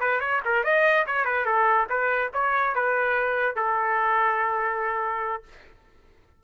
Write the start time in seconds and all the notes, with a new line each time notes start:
0.00 B4
0.20 C#5
0.45 A#4
0.64 D#5
1.06 C#5
1.25 B4
1.45 A4
1.89 B4
2.33 C#5
2.75 B4
3.55 A4